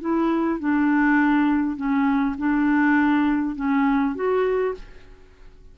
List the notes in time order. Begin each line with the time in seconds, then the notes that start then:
0.00 E4
0.59 D4
1.76 C#4
2.38 D4
3.56 C#4
4.15 F#4